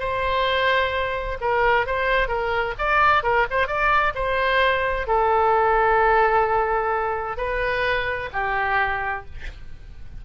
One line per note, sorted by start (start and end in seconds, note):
0.00 1.38 C5
1.41 1.87 A#4
1.87 2.28 C5
2.28 2.74 A#4
2.79 3.24 D5
3.24 3.47 A#4
3.51 3.68 C5
3.68 4.14 D5
4.15 5.07 C5
5.08 7.38 A4
7.38 8.30 B4
8.33 9.26 G4